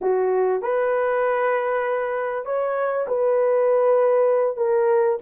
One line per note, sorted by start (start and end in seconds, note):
0.01 0.62 F#4
0.62 2.45 B4
2.45 3.06 C#5
3.08 4.56 B4
4.56 5.18 A#4